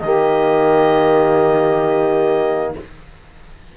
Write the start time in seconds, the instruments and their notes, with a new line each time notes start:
0.00 cello D#3, trombone A#3, saxophone G4, clarinet D#5